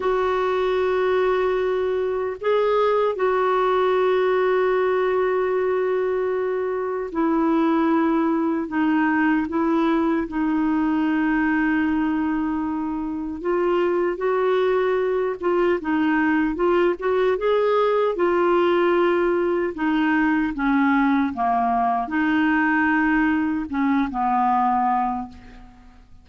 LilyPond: \new Staff \with { instrumentName = "clarinet" } { \time 4/4 \tempo 4 = 76 fis'2. gis'4 | fis'1~ | fis'4 e'2 dis'4 | e'4 dis'2.~ |
dis'4 f'4 fis'4. f'8 | dis'4 f'8 fis'8 gis'4 f'4~ | f'4 dis'4 cis'4 ais4 | dis'2 cis'8 b4. | }